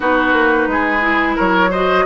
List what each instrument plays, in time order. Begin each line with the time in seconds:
0.00 bassoon B3, clarinet D#4, oboe F#4, flute B4
0.32 bassoon A#3
0.67 bassoon G#3, oboe G#4
1.00 clarinet E4
1.35 bassoon F#3, oboe A#4, flute C#5
1.70 clarinet F#4, oboe C5, flute D#5